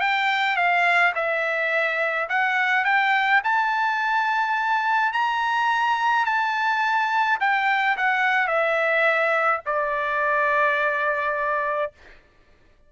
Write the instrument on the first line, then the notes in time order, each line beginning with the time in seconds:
trumpet
0.00 G5
0.56 F5
1.15 E5
2.29 F#5
2.85 G5
3.43 A5
5.12 A#5
6.25 A5
7.40 G5
7.97 F#5
8.47 E5
9.66 D5